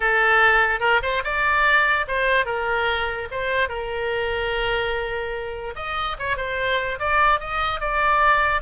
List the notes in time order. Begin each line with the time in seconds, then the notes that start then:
0.00 A4
0.80 A#4
1.02 C5
1.23 D5
2.07 C5
2.45 A#4
3.31 C5
3.68 A#4
5.75 D#5
6.18 C#5
6.37 C5
6.99 D5
7.40 D#5
7.80 D5